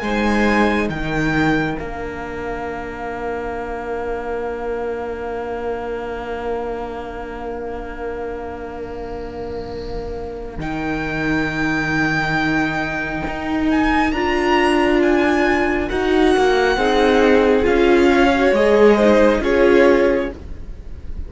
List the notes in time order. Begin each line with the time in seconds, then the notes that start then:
0.00 G#3 D#4 C5 G#5
0.89 D#3 A#4 G5
1.78 A#3 D4 F5
10.58 D#3 D#4 G5
13.27 D#4
13.71 G#5
14.12 D4 F4 A#5
15.03 G#5
15.89 D#4 F#4 F#5
16.37 A#3
16.77 C4 D#4 G#4
17.63 C#4 F4 F5
18.11 C#5
18.35 F#4
18.52 G#3 G#4 D#5
18.97 D#4 C5
19.41 C#4 F4 G#4 C#5